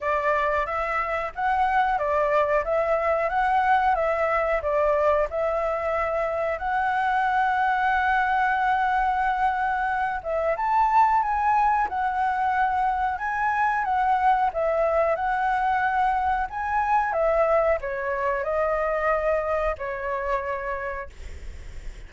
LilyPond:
\new Staff \with { instrumentName = "flute" } { \time 4/4 \tempo 4 = 91 d''4 e''4 fis''4 d''4 | e''4 fis''4 e''4 d''4 | e''2 fis''2~ | fis''2.~ fis''8 e''8 |
a''4 gis''4 fis''2 | gis''4 fis''4 e''4 fis''4~ | fis''4 gis''4 e''4 cis''4 | dis''2 cis''2 | }